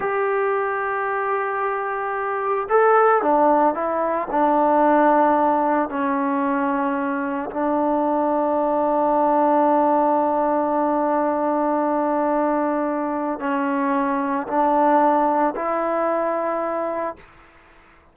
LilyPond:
\new Staff \with { instrumentName = "trombone" } { \time 4/4 \tempo 4 = 112 g'1~ | g'4 a'4 d'4 e'4 | d'2. cis'4~ | cis'2 d'2~ |
d'1~ | d'1~ | d'4 cis'2 d'4~ | d'4 e'2. | }